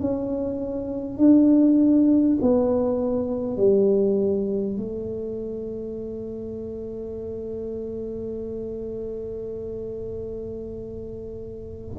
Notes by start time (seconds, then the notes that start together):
0.00 C#4
1.18 D4
2.42 B3
3.57 G3
4.77 A3